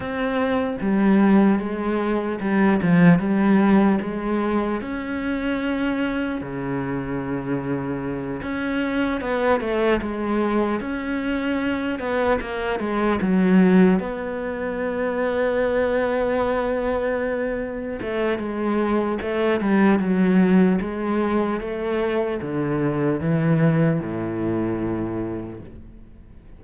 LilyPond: \new Staff \with { instrumentName = "cello" } { \time 4/4 \tempo 4 = 75 c'4 g4 gis4 g8 f8 | g4 gis4 cis'2 | cis2~ cis8 cis'4 b8 | a8 gis4 cis'4. b8 ais8 |
gis8 fis4 b2~ b8~ | b2~ b8 a8 gis4 | a8 g8 fis4 gis4 a4 | d4 e4 a,2 | }